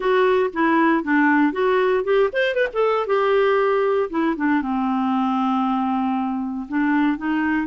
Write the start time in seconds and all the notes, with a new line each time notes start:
0.00 F#4
0.53 E4
1.03 D4
1.52 F#4
2.04 G4
2.32 C5
2.55 B4
2.73 A4
3.07 G4
4.10 E4
4.36 D4
4.62 C4
6.68 D4
7.17 D#4